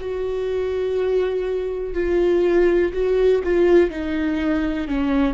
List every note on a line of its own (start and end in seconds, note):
0.00 1.94 F#4
1.94 2.92 F4
2.92 3.42 F#4
3.43 3.90 F4
3.90 4.88 D#4
4.88 5.34 C#4